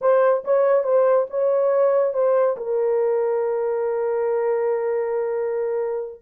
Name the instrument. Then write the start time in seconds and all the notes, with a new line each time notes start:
horn
0.01 C5
0.44 C#5
0.83 C5
1.30 C#5
2.13 C5
2.56 A#4